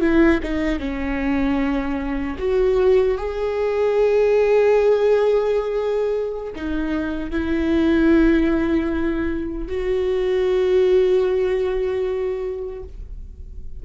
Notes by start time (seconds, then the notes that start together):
0.00 E4
0.42 D#4
0.79 C#4
2.38 F#4
3.17 G#4
6.55 D#4
7.31 E4
9.67 F#4